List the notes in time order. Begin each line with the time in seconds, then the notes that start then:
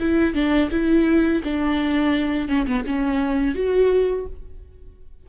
0.00 E4
0.34 D4
0.71 E4
1.44 D4
2.49 C#4
2.67 B3
2.86 C#4
3.55 F#4